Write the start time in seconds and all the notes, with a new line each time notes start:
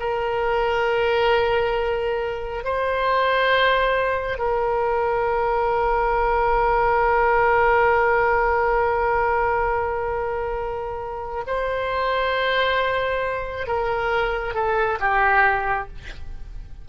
0.00 A#4
2.64 C5
4.38 A#4
11.47 C5
13.67 A#4
14.55 A4
15.00 G4